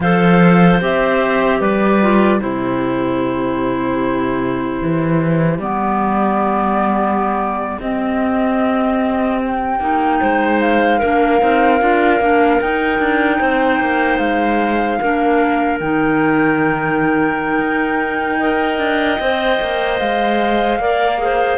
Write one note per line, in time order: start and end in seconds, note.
0.00 0.80 F3
0.00 0.81 A4
0.00 1.60 C5
0.00 0.80 F5
0.81 1.60 C4
0.81 2.01 G4
0.81 1.61 E5
1.60 2.40 G3
1.60 2.40 B4
1.60 2.41 D5
2.01 2.39 F4
2.39 4.82 C3
2.39 5.59 E4
2.39 10.20 G4
2.39 5.59 C5
4.82 5.58 E3
5.58 7.78 G3
5.58 7.81 B3
5.58 7.79 D5
7.80 9.79 C4
7.80 9.80 C4
7.80 9.40 D#5
9.42 10.60 G5
9.79 10.19 A#3
9.79 11.00 D#4
10.20 11.02 G#3
10.20 10.99 C5
10.60 12.60 F5
10.99 11.42 A#3
10.99 11.39 D4
10.99 13.39 A#4
11.39 11.81 C4
11.39 11.79 D#4
11.80 12.20 D4
11.80 12.20 F4
12.20 12.60 A#3
12.20 12.60 D4
12.60 12.99 D#4
12.60 15.01 D#4
12.60 14.18 G5
12.99 13.39 D4
13.39 13.80 C4
13.39 14.99 C5
13.80 14.18 A#3
14.18 14.98 G#3
14.18 15.78 F5
15.00 15.80 A#3
15.00 15.81 D4
15.00 18.38 A#4
15.80 17.59 D#3
15.80 18.40 D#4
15.80 19.98 G5
17.59 18.78 D#4
18.38 19.20 A#4
18.38 20.78 D#5
18.78 19.18 D4
19.19 19.59 C4
19.19 20.80 C5
19.60 20.00 A#3
19.98 20.79 G#3
19.98 21.58 F5
20.79 21.58 A#3
20.79 21.18 A#4
20.79 21.20 D5
21.18 21.58 G#4
21.18 21.58 C5